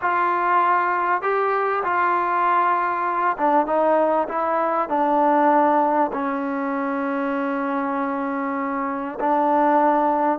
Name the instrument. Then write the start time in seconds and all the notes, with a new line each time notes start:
trombone
0.01 F4
1.22 G4
1.83 F4
3.37 D4
3.66 D#4
4.28 E4
4.88 D4
6.12 C#4
9.20 D4